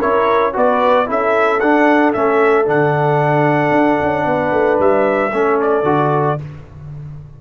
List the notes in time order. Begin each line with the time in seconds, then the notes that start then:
0.00 C#4 E4 A#4 C#5
0.54 B3 F#4 B4 D5
1.06 C#4 E4 A4 E5
1.60 D4 F#5
2.13 A3 C#4 E5
2.66 D3 D4 F#5
3.71 D4
4.03 C#4
4.26 B3 B4
4.53 A3
4.79 G3 E5
5.33 A3 C#4 A4
5.62 D5
5.83 D3 F#4